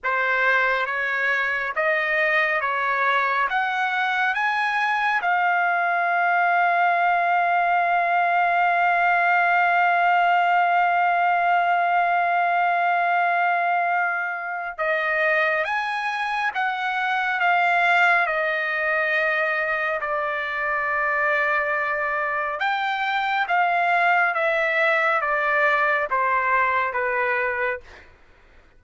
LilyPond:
\new Staff \with { instrumentName = "trumpet" } { \time 4/4 \tempo 4 = 69 c''4 cis''4 dis''4 cis''4 | fis''4 gis''4 f''2~ | f''1~ | f''1~ |
f''4 dis''4 gis''4 fis''4 | f''4 dis''2 d''4~ | d''2 g''4 f''4 | e''4 d''4 c''4 b'4 | }